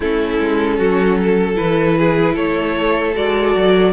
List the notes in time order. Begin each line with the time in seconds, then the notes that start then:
0.00 A3 C#4 E4 A4
0.39 G#3
0.77 F#3 F#4
1.21 A4
1.55 E3 E4 B4
1.98 G#4
2.33 A3 A4 C#5
3.14 G#3 F#4 D5
3.55 F#3